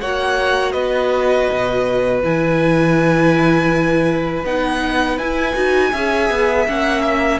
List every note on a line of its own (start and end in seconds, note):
0.00 0.74 A#3
0.00 2.22 F#4
0.00 0.72 C#5
0.00 0.72 F#5
0.72 1.48 B3
0.72 5.91 B4
0.72 2.20 D#5
1.51 2.23 B2
2.22 4.44 E3
2.22 4.44 E4
2.22 4.45 G#5
4.44 5.17 B3
4.44 5.19 D#4
4.44 5.18 F#5
5.17 5.54 E4
5.17 6.66 G#5
5.54 5.92 D#4
5.54 5.91 F#4
5.91 6.30 C#4
5.91 6.67 G#4
5.91 7.40 E5
6.30 6.67 B3
6.67 7.40 A#3
6.67 7.40 C#4
6.67 7.01 F#5
7.01 7.38 E5